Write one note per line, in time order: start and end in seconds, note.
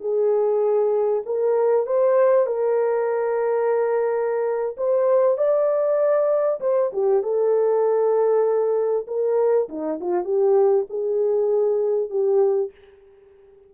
0.00 1.22 G#4
1.25 1.86 A#4
1.86 2.46 C5
2.46 4.76 A#4
4.77 5.37 C5
5.37 6.60 D5
6.60 6.91 C5
6.92 7.22 G4
7.22 9.06 A4
9.07 9.68 A#4
9.68 9.99 D#4
10.00 10.24 F4
10.24 10.85 G4
10.89 12.10 G#4
12.10 12.71 G4